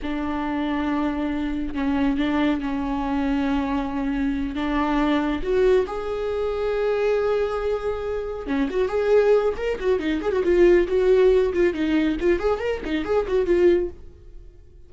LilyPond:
\new Staff \with { instrumentName = "viola" } { \time 4/4 \tempo 4 = 138 d'1 | cis'4 d'4 cis'2~ | cis'2~ cis'8 d'4.~ | d'8 fis'4 gis'2~ gis'8~ |
gis'2.~ gis'8 cis'8 | fis'8 gis'4. ais'8 fis'8 dis'8 gis'16 fis'16 | f'4 fis'4. f'8 dis'4 | f'8 gis'8 ais'8 dis'8 gis'8 fis'8 f'4 | }